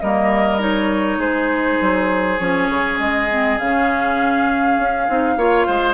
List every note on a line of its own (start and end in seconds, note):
0.00 1.17 G3
0.00 0.59 A#3
0.00 1.18 A#4
0.00 0.59 D#5
0.59 2.37 D#4
0.59 1.20 C#5
1.17 1.77 G#3
1.17 5.34 G#4
1.17 2.38 C5
1.81 2.39 F#3
2.38 2.69 F3
2.38 3.28 C#4
2.38 2.98 C#5
2.69 2.99 C#3
2.99 3.58 G#3
2.99 3.58 D#5
3.30 3.60 C4
3.58 4.77 C#3
3.58 5.08 C#4
3.58 5.94 F5
4.77 5.07 C#4
5.08 5.36 C4
5.08 5.37 D#4
5.36 5.65 A#3
5.36 5.94 F4
5.36 5.66 C#5
5.66 5.94 G#3
5.66 5.94 C5